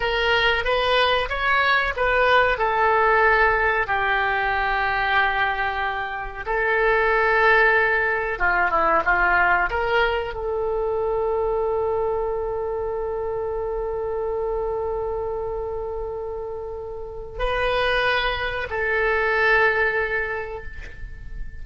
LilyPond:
\new Staff \with { instrumentName = "oboe" } { \time 4/4 \tempo 4 = 93 ais'4 b'4 cis''4 b'4 | a'2 g'2~ | g'2 a'2~ | a'4 f'8 e'8 f'4 ais'4 |
a'1~ | a'1~ | a'2. b'4~ | b'4 a'2. | }